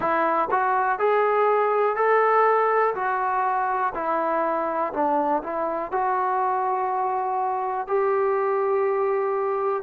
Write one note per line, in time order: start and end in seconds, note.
0.00 0.48 E4
0.51 0.98 F#4
0.98 1.95 G#4
1.95 2.94 A4
2.94 3.93 F#4
3.94 4.92 E4
4.93 5.42 D4
5.43 5.91 E4
5.91 7.87 F#4
7.87 9.83 G4